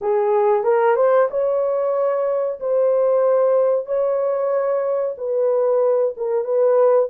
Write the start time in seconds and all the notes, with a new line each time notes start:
0.01 G#4
0.63 A#4
0.96 C5
1.30 C#5
2.60 C5
3.86 C#5
5.17 B4
6.16 A#4
6.44 B4